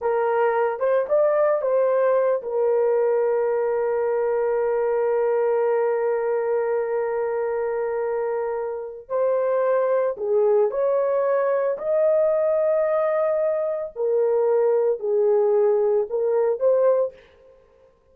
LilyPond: \new Staff \with { instrumentName = "horn" } { \time 4/4 \tempo 4 = 112 ais'4. c''8 d''4 c''4~ | c''8 ais'2.~ ais'8~ | ais'1~ | ais'1~ |
ais'4 c''2 gis'4 | cis''2 dis''2~ | dis''2 ais'2 | gis'2 ais'4 c''4 | }